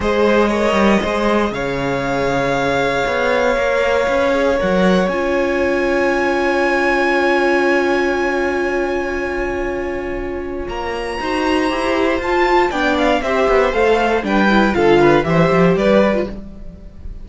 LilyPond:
<<
  \new Staff \with { instrumentName = "violin" } { \time 4/4 \tempo 4 = 118 dis''2. f''4~ | f''1~ | f''4 fis''4 gis''2~ | gis''1~ |
gis''1~ | gis''4 ais''2. | a''4 g''8 f''8 e''4 f''4 | g''4 f''4 e''4 d''4 | }
  \new Staff \with { instrumentName = "violin" } { \time 4/4 c''4 cis''4 c''4 cis''4~ | cis''1~ | cis''1~ | cis''1~ |
cis''1~ | cis''2 c''2~ | c''4 d''4 c''2 | b'4 a'8 b'8 c''4 b'4 | }
  \new Staff \with { instrumentName = "viola" } { \time 4/4 gis'4 ais'4 gis'2~ | gis'2. ais'4 | b'8 gis'8 ais'4 f'2~ | f'1~ |
f'1~ | f'2 fis'4 g'4 | f'4 d'4 g'4 a'4 | d'8 e'8 f'4 g'4.~ g'16 f'16 | }
  \new Staff \with { instrumentName = "cello" } { \time 4/4 gis4. g8 gis4 cis4~ | cis2 b4 ais4 | cis'4 fis4 cis'2~ | cis'1~ |
cis'1~ | cis'4 ais4 dis'4 e'4 | f'4 b4 c'8 b8 a4 | g4 d4 e8 f8 g4 | }
>>